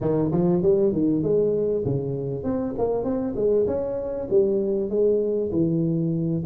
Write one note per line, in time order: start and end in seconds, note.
0.00 0.31 D#3
0.31 0.62 F3
0.62 0.92 G3
0.92 1.22 D#3
1.22 1.84 G#3
1.85 2.43 C#3
2.43 2.74 C4
2.78 3.03 A#3
3.03 3.34 C4
3.35 3.66 G#3
3.66 4.27 C#4
4.30 4.89 G3
4.89 5.50 G#3
5.51 6.43 E3